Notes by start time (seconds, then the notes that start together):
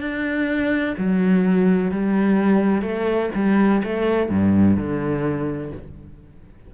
0.00 D4
0.97 F#3
1.91 G3
2.82 A3
3.35 G3
3.84 A3
4.29 G2
4.77 D3